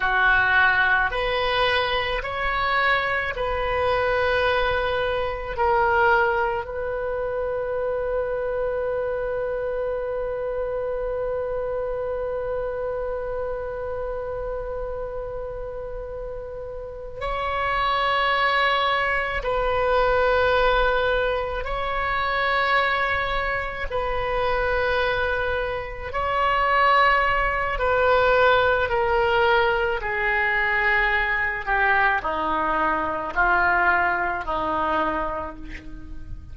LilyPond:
\new Staff \with { instrumentName = "oboe" } { \time 4/4 \tempo 4 = 54 fis'4 b'4 cis''4 b'4~ | b'4 ais'4 b'2~ | b'1~ | b'2.~ b'8 cis''8~ |
cis''4. b'2 cis''8~ | cis''4. b'2 cis''8~ | cis''4 b'4 ais'4 gis'4~ | gis'8 g'8 dis'4 f'4 dis'4 | }